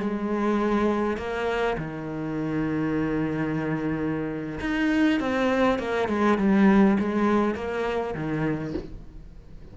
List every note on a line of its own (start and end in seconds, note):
0.00 1.17 G#3
1.17 1.77 A#3
1.78 4.60 D#3
4.60 5.20 D#4
5.20 5.79 C4
5.79 6.08 A#3
6.09 6.38 G#3
6.38 6.97 G3
6.99 7.55 G#3
7.55 8.14 A#3
8.14 8.74 D#3